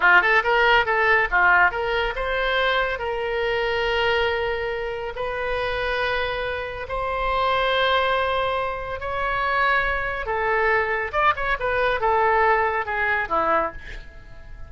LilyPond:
\new Staff \with { instrumentName = "oboe" } { \time 4/4 \tempo 4 = 140 f'8 a'8 ais'4 a'4 f'4 | ais'4 c''2 ais'4~ | ais'1 | b'1 |
c''1~ | c''4 cis''2. | a'2 d''8 cis''8 b'4 | a'2 gis'4 e'4 | }